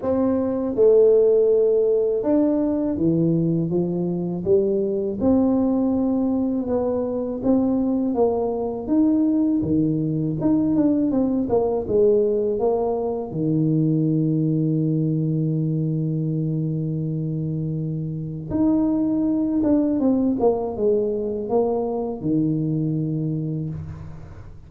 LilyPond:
\new Staff \with { instrumentName = "tuba" } { \time 4/4 \tempo 4 = 81 c'4 a2 d'4 | e4 f4 g4 c'4~ | c'4 b4 c'4 ais4 | dis'4 dis4 dis'8 d'8 c'8 ais8 |
gis4 ais4 dis2~ | dis1~ | dis4 dis'4. d'8 c'8 ais8 | gis4 ais4 dis2 | }